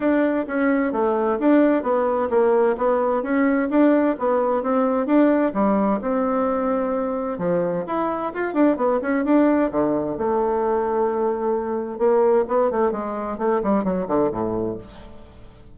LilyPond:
\new Staff \with { instrumentName = "bassoon" } { \time 4/4 \tempo 4 = 130 d'4 cis'4 a4 d'4 | b4 ais4 b4 cis'4 | d'4 b4 c'4 d'4 | g4 c'2. |
f4 e'4 f'8 d'8 b8 cis'8 | d'4 d4 a2~ | a2 ais4 b8 a8 | gis4 a8 g8 fis8 d8 a,4 | }